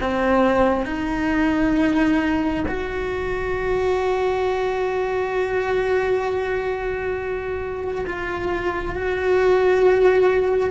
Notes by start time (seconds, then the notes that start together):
0.00 C4
0.85 D#4
2.67 F#4
8.06 F4
8.95 F#4